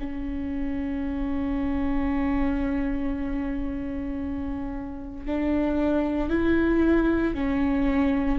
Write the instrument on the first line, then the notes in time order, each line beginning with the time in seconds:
viola
0.00 C#4
5.26 D4
6.30 E4
7.35 C#4